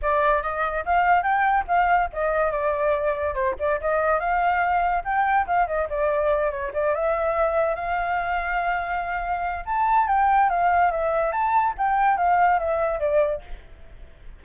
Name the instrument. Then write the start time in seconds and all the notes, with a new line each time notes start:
flute
0.02 D5
0.42 D#5
0.85 F5
1.22 G5
1.67 F5
2.12 D#5
2.51 D5
3.34 C5
3.59 D5
3.80 D#5
4.19 F5
5.04 G5
5.47 F5
5.67 D#5
5.89 D5
6.50 C#5
6.73 D5
6.94 E5
7.75 F5
9.65 A5
10.07 G5
10.49 F5
10.91 E5
11.32 A5
11.77 G5
12.17 F5
12.59 E5
12.99 D5